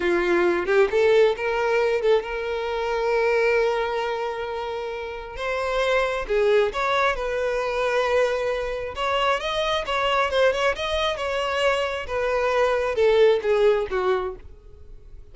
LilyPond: \new Staff \with { instrumentName = "violin" } { \time 4/4 \tempo 4 = 134 f'4. g'8 a'4 ais'4~ | ais'8 a'8 ais'2.~ | ais'1 | c''2 gis'4 cis''4 |
b'1 | cis''4 dis''4 cis''4 c''8 cis''8 | dis''4 cis''2 b'4~ | b'4 a'4 gis'4 fis'4 | }